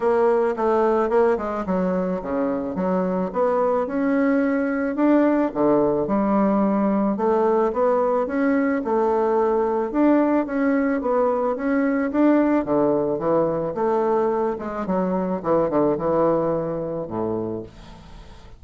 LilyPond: \new Staff \with { instrumentName = "bassoon" } { \time 4/4 \tempo 4 = 109 ais4 a4 ais8 gis8 fis4 | cis4 fis4 b4 cis'4~ | cis'4 d'4 d4 g4~ | g4 a4 b4 cis'4 |
a2 d'4 cis'4 | b4 cis'4 d'4 d4 | e4 a4. gis8 fis4 | e8 d8 e2 a,4 | }